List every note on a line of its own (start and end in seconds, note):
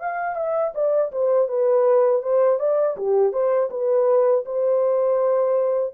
0.00 0.36 F5
0.36 0.73 E5
0.75 1.12 D5
1.12 1.48 C5
1.48 2.23 B4
2.23 2.60 C5
2.60 2.97 D5
2.97 3.33 G4
3.33 3.70 C5
3.71 4.45 B4
4.46 5.94 C5